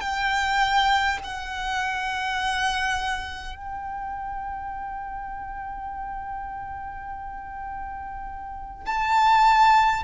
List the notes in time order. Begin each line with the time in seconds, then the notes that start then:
0.00 G5
1.24 F#5
3.56 G5
8.86 A5